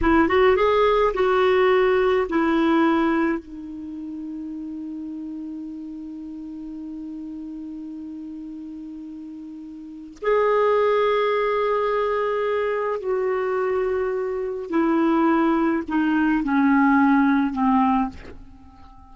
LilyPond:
\new Staff \with { instrumentName = "clarinet" } { \time 4/4 \tempo 4 = 106 e'8 fis'8 gis'4 fis'2 | e'2 dis'2~ | dis'1~ | dis'1~ |
dis'2 gis'2~ | gis'2. fis'4~ | fis'2 e'2 | dis'4 cis'2 c'4 | }